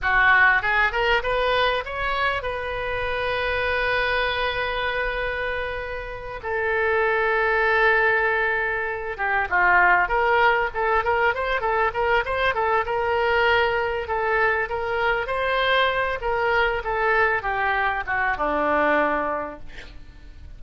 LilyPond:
\new Staff \with { instrumentName = "oboe" } { \time 4/4 \tempo 4 = 98 fis'4 gis'8 ais'8 b'4 cis''4 | b'1~ | b'2~ b'8 a'4.~ | a'2. g'8 f'8~ |
f'8 ais'4 a'8 ais'8 c''8 a'8 ais'8 | c''8 a'8 ais'2 a'4 | ais'4 c''4. ais'4 a'8~ | a'8 g'4 fis'8 d'2 | }